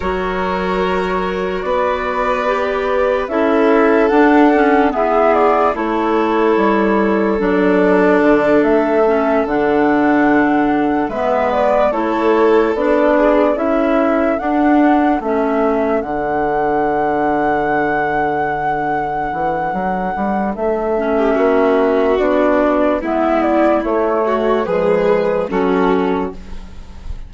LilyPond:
<<
  \new Staff \with { instrumentName = "flute" } { \time 4/4 \tempo 4 = 73 cis''2 d''2 | e''4 fis''4 e''8 d''8 cis''4~ | cis''4 d''4. e''4 fis''8~ | fis''4. e''8 d''8 cis''4 d''8~ |
d''8 e''4 fis''4 e''4 fis''8~ | fis''1~ | fis''4 e''2 d''4 | e''8 d''8 cis''4 b'4 a'4 | }
  \new Staff \with { instrumentName = "violin" } { \time 4/4 ais'2 b'2 | a'2 gis'4 a'4~ | a'1~ | a'4. b'4 a'4. |
gis'8 a'2.~ a'8~ | a'1~ | a'4.~ a'16 g'16 fis'2 | e'4. fis'8 gis'4 fis'4 | }
  \new Staff \with { instrumentName = "clarinet" } { \time 4/4 fis'2. g'4 | e'4 d'8 cis'8 b4 e'4~ | e'4 d'2 cis'8 d'8~ | d'4. b4 e'4 d'8~ |
d'8 e'4 d'4 cis'4 d'8~ | d'1~ | d'4. cis'4. d'4 | b4 a4 gis4 cis'4 | }
  \new Staff \with { instrumentName = "bassoon" } { \time 4/4 fis2 b2 | cis'4 d'4 e'4 a4 | g4 fis4 d8 a4 d8~ | d4. gis4 a4 b8~ |
b8 cis'4 d'4 a4 d8~ | d2.~ d8 e8 | fis8 g8 a4 ais4 b4 | gis4 a4 f4 fis4 | }
>>